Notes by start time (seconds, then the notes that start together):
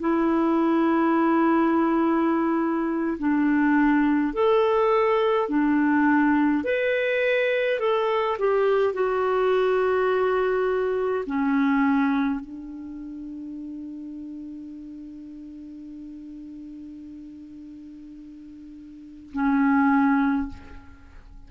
0.00 E4
3.18 D4
4.33 A4
5.49 D4
6.64 B4
7.79 A4
8.39 G4
8.94 F#4
11.26 C#4
12.40 D4
19.33 C#4